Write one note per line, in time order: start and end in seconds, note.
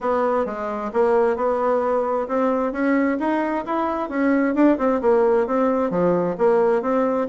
0.00 0.45 B3
0.45 0.91 G#3
0.93 1.36 A#3
1.36 2.27 B3
2.27 2.72 C4
2.72 3.17 C#4
3.19 3.65 D#4
3.65 4.09 E4
4.09 4.54 C#4
4.54 4.77 D4
4.78 5.00 C4
5.01 5.46 A#3
5.46 5.90 C4
5.90 6.36 F3
6.37 6.81 A#3
6.81 7.27 C4